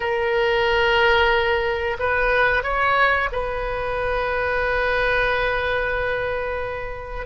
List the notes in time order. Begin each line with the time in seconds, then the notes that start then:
0.00 A#4
1.99 B4
2.63 C#5
3.32 B4